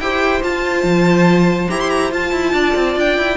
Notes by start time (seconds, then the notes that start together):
0.00 E4 G4 C5 G5
0.42 F4 A5
0.83 F3
1.70 E4 G4 A#5
1.81 C6
1.90 A#5
2.12 F4 A5
2.32 E4
2.53 D4 D5
2.76 C4
2.96 D4 G5
3.18 E4